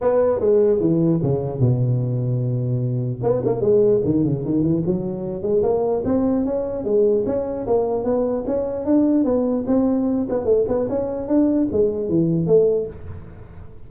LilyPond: \new Staff \with { instrumentName = "tuba" } { \time 4/4 \tempo 4 = 149 b4 gis4 e4 cis4 | b,1 | b8 ais8 gis4 dis8 cis8 dis8 e8 | fis4. gis8 ais4 c'4 |
cis'4 gis4 cis'4 ais4 | b4 cis'4 d'4 b4 | c'4. b8 a8 b8 cis'4 | d'4 gis4 e4 a4 | }